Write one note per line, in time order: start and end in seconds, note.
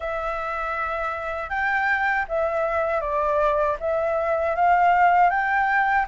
0.00 1.49 E5
1.49 2.25 G5
2.28 3.00 E5
3.00 3.76 D5
3.80 4.55 E5
4.55 5.30 F5
5.30 6.06 G5